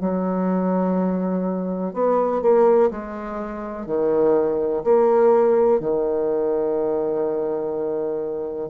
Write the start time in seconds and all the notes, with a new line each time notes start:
0.00 F#3
1.93 B3
2.41 A#3
2.90 G#3
3.86 D#3
4.83 A#3
5.79 D#3